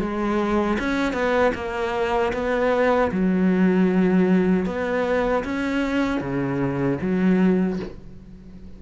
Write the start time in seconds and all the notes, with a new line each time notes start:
0.00 G#3
0.79 C#4
1.13 B3
1.55 A#3
2.33 B3
3.12 F#3
4.66 B3
5.44 C#4
6.21 C#3
7.02 F#3